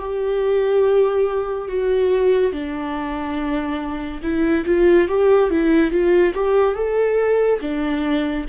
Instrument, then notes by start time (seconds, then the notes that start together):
viola
0.00 G4
1.69 F#4
2.53 D4
4.23 E4
4.66 F4
5.09 G4
5.51 E4
5.92 F4
6.35 G4
6.76 A4
7.61 D4